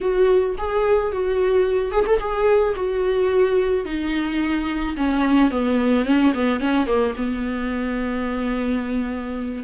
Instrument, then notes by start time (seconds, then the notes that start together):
viola
0.01 F#4
0.58 G#4
1.12 F#4
1.91 G#4
2.06 A4
2.19 G#4
2.75 F#4
3.85 D#4
4.96 C#4
5.50 B3
6.05 C#4
6.34 B3
6.59 C#4
6.86 A#3
7.16 B3